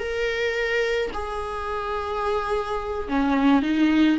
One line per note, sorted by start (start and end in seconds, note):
0.00 1.11 A#4
1.14 3.08 G#4
3.09 3.63 C#4
3.63 4.18 D#4